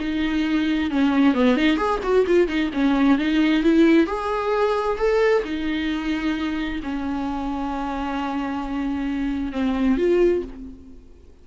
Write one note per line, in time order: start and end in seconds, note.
0.00 0.91 D#4
0.91 1.35 C#4
1.35 1.57 B3
1.57 1.77 D#4
1.77 2.00 G#4
2.03 2.26 F#4
2.27 2.48 F4
2.48 2.71 D#4
2.74 3.19 C#4
3.19 3.63 D#4
3.63 4.07 E4
4.07 4.98 G#4
4.98 5.43 A4
5.44 6.81 D#4
6.83 9.52 C#4
9.52 9.98 C4
9.98 10.43 F4